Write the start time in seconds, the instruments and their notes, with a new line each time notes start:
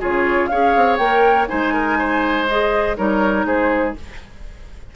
0.00 bassoon C#3, clarinet F4, oboe G#4, flute C#5
0.47 bassoon C#4, clarinet G#4, oboe C#5, flute F5
0.76 bassoon C4
0.97 bassoon A#3, clarinet A#4, flute G5
1.49 bassoon G#3, clarinet D#4, oboe C5, flute G#5
1.74 oboe A#4
1.99 oboe C5
2.47 clarinet G#4, flute D#5
2.97 bassoon G3, clarinet D#4, oboe A#4, flute C#5
3.45 bassoon G#3, oboe G#4, flute C5